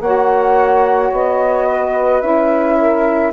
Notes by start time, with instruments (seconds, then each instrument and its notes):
0.00 bassoon A#3, saxophone F#4 C#5, flute F#5
1.12 bassoon B3, flute D#5
1.68 saxophone B4
2.21 bassoon C#4, saxophone E4, flute E5
2.79 saxophone A#4